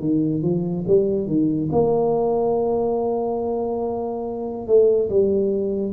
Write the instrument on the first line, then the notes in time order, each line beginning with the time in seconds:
tuba
0.00 D#3
0.42 F3
0.87 G3
1.27 D#3
1.72 A#3
4.67 A3
5.09 G3